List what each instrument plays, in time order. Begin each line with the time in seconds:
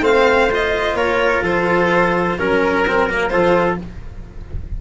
0.00 tuba A3, cello C4, trumpet C5, violin F5
0.51 cello F4, violin D#5
0.94 tuba A#3, trumpet A#4, violin C#5
1.42 tuba F3, trumpet A4, violin C5
2.38 tuba F#3, cello C#4, violin A#4, trumpet A#4
2.87 cello C4
3.09 cello A#3
3.28 tuba F3, cello F4, trumpet A4, violin C5